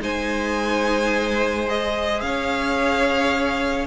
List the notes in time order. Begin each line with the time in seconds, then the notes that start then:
0.00 G#3 D#4 C5 G#5
1.68 G#4 D#5
2.21 C#4 C#5 F5